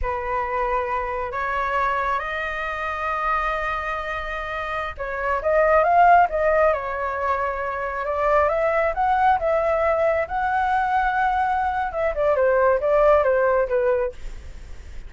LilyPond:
\new Staff \with { instrumentName = "flute" } { \time 4/4 \tempo 4 = 136 b'2. cis''4~ | cis''4 dis''2.~ | dis''2.~ dis''16 cis''8.~ | cis''16 dis''4 f''4 dis''4 cis''8.~ |
cis''2~ cis''16 d''4 e''8.~ | e''16 fis''4 e''2 fis''8.~ | fis''2. e''8 d''8 | c''4 d''4 c''4 b'4 | }